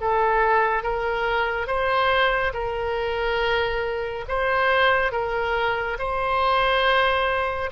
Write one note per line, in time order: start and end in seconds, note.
0.00 0.83 A4
0.83 1.67 A#4
1.67 2.52 C5
2.53 4.25 A#4
4.28 5.12 C5
5.12 5.97 A#4
5.98 7.70 C5